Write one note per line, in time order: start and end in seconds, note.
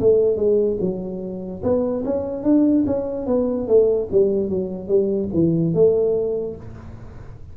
0.00 0.36 A3
0.36 0.77 G#3
0.80 1.63 F#3
1.63 2.04 B3
2.05 2.43 C#4
2.43 2.84 D4
2.86 3.27 C#4
3.27 3.67 B3
3.67 4.08 A3
4.11 4.49 G3
4.49 4.88 F#3
4.88 5.29 G3
5.33 5.74 E3
5.74 6.56 A3